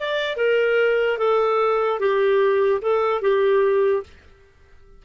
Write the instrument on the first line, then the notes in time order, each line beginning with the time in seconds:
clarinet
0.00 D5
0.37 A#4
1.19 A4
2.00 G4
2.82 A4
3.22 G4